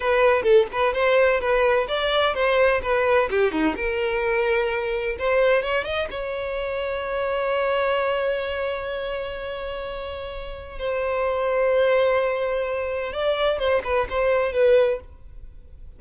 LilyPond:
\new Staff \with { instrumentName = "violin" } { \time 4/4 \tempo 4 = 128 b'4 a'8 b'8 c''4 b'4 | d''4 c''4 b'4 g'8 dis'8 | ais'2. c''4 | cis''8 dis''8 cis''2.~ |
cis''1~ | cis''2. c''4~ | c''1 | d''4 c''8 b'8 c''4 b'4 | }